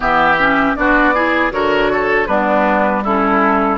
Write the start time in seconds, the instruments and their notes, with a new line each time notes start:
0.00 bassoon E3, clarinet B3, oboe G4, flute E5
0.38 clarinet C#4
0.75 bassoon B3, clarinet D4, oboe F#4, flute D5
1.14 clarinet E4, oboe G#4
1.50 bassoon D3, clarinet F#4, oboe A#4, flute C#5
1.92 oboe A4
2.26 bassoon G3, clarinet B3, oboe D4, flute B4
3.03 clarinet C#4, oboe E4, flute A4